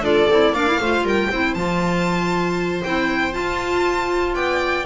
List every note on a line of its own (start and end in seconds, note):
0.00 0.25 D4
0.00 0.29 F4
0.00 0.53 A4
0.00 0.55 D5
0.29 0.52 C4
0.29 0.55 E4
0.52 0.77 A#3
0.52 0.67 D4
0.52 0.79 D5
0.52 1.05 F5
0.67 0.80 E4
0.80 1.02 A3
0.80 1.31 F4
0.80 1.04 C5
1.02 1.27 G3
1.02 1.30 A#4
1.08 1.54 G5
1.30 1.55 C4
1.30 1.56 E4
1.30 4.34 C5
1.54 2.82 F3
1.54 2.83 F4
1.54 2.81 A5
2.83 3.36 C4
2.83 3.32 E4
2.83 3.33 G5
3.32 4.84 F4
3.32 4.34 F4
3.32 4.35 A5
4.34 4.85 B3
4.34 4.85 D5
4.34 4.85 G5